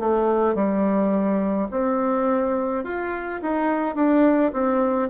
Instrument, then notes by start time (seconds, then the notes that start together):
bassoon
0.00 A3
0.55 G3
1.71 C4
2.84 F4
3.42 D#4
3.96 D4
4.53 C4